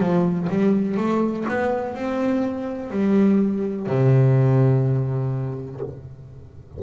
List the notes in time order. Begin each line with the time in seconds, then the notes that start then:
0.00 F3
0.49 G3
0.98 A3
1.49 B3
1.95 C4
2.91 G3
3.87 C3